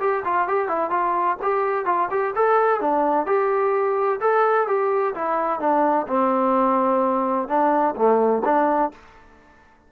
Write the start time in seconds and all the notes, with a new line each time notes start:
0.00 G4
0.25 F4
0.48 G4
0.68 E4
0.90 F4
1.42 G4
1.86 F4
2.11 G4
2.36 A4
2.81 D4
3.26 G4
4.21 A4
4.67 G4
5.15 E4
5.60 D4
6.08 C4
7.49 D4
7.96 A3
8.45 D4